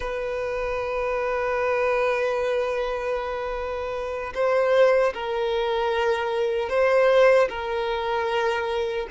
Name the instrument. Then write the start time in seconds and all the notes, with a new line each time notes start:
violin
0.00 B4
4.34 C5
5.14 A#4
6.69 C5
7.49 A#4